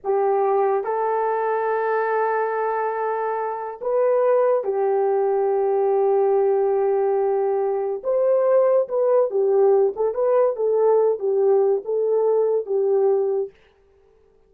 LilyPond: \new Staff \with { instrumentName = "horn" } { \time 4/4 \tempo 4 = 142 g'2 a'2~ | a'1~ | a'4 b'2 g'4~ | g'1~ |
g'2. c''4~ | c''4 b'4 g'4. a'8 | b'4 a'4. g'4. | a'2 g'2 | }